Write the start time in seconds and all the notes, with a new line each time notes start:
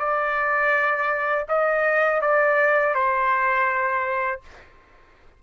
0.00 D5
1.49 D#5
2.22 D5
2.95 C5